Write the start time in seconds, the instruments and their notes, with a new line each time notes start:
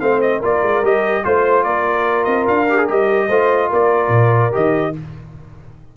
0.00 tuba A3, trombone C4, horn C5, trumpet F5
0.21 trumpet D#5
0.40 tuba A#3, trombone F4, horn A#4, trumpet D5
0.62 tuba G#3
0.82 tuba G3, trombone G4, trumpet D#5
1.24 tuba A3, trombone F4, trumpet C5, horn C5
1.64 tuba A#3, horn A#4, trumpet D5
2.24 tuba C4, trumpet D#5
2.47 tuba D4, trumpet F5
2.69 trombone G4
2.78 trombone G#4
2.88 tuba G3, trombone G4, trumpet D#5
3.28 tuba A3, trombone F4, horn C5
3.69 tuba A#3, horn A#4, trumpet D5
4.08 tuba A#2
4.52 tuba D#3, trombone G4, trumpet D#5